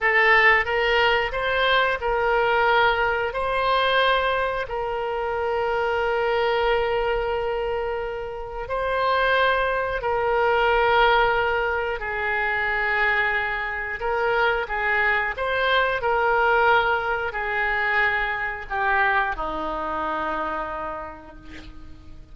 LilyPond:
\new Staff \with { instrumentName = "oboe" } { \time 4/4 \tempo 4 = 90 a'4 ais'4 c''4 ais'4~ | ais'4 c''2 ais'4~ | ais'1~ | ais'4 c''2 ais'4~ |
ais'2 gis'2~ | gis'4 ais'4 gis'4 c''4 | ais'2 gis'2 | g'4 dis'2. | }